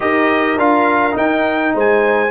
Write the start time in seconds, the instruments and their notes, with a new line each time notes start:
0.00 tuba D#4, trombone G4, horn A#4, trumpet D#5
0.57 tuba D4, trombone F4, trumpet F5
1.12 trombone D#4, tuba D#4, trumpet G5
1.74 tuba G#3, horn C5, trumpet G#5